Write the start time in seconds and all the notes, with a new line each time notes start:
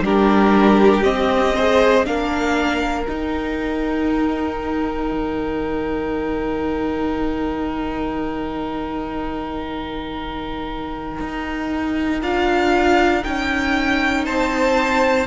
0.00 G3 D4 G4 A#4
1.03 C4 D#5
1.56 G#4 C5
2.05 A#3 D4 A#4 F5
3.07 D#4 G5
5.12 D#3
11.21 D#4
12.23 D4 F4 F5
13.23 C#4 D#4 G5
14.26 C4 C5 A5